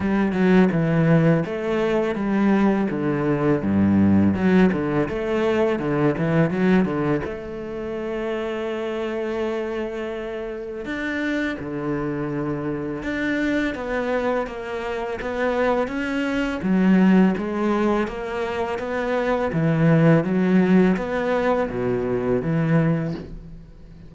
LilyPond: \new Staff \with { instrumentName = "cello" } { \time 4/4 \tempo 4 = 83 g8 fis8 e4 a4 g4 | d4 g,4 fis8 d8 a4 | d8 e8 fis8 d8 a2~ | a2. d'4 |
d2 d'4 b4 | ais4 b4 cis'4 fis4 | gis4 ais4 b4 e4 | fis4 b4 b,4 e4 | }